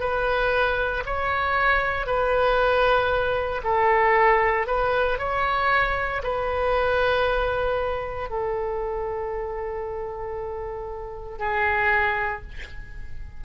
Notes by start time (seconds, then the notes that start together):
0.00 B4
1.06 C#5
2.06 B4
3.63 A4
4.67 B4
5.19 C#5
6.24 B4
8.29 A4
11.38 G#4